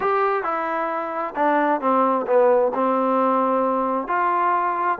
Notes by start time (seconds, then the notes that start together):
0.00 G4
0.43 E4
1.35 D4
1.80 C4
2.26 B3
2.74 C4
4.07 F4